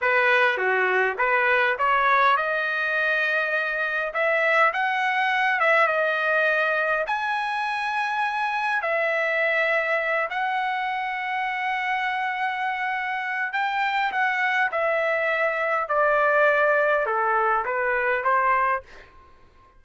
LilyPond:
\new Staff \with { instrumentName = "trumpet" } { \time 4/4 \tempo 4 = 102 b'4 fis'4 b'4 cis''4 | dis''2. e''4 | fis''4. e''8 dis''2 | gis''2. e''4~ |
e''4. fis''2~ fis''8~ | fis''2. g''4 | fis''4 e''2 d''4~ | d''4 a'4 b'4 c''4 | }